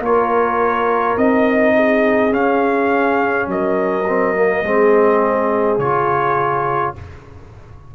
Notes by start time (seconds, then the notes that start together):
0.00 A#3 F4 A#4 C#5
1.17 C4 D#4 D#5
1.76 G#4
2.31 C#4 F5
3.47 F#3 A#4 D#5
4.08 C4
4.35 A#3
4.63 G#3 C4 G#4
5.78 C#3 F4 C#5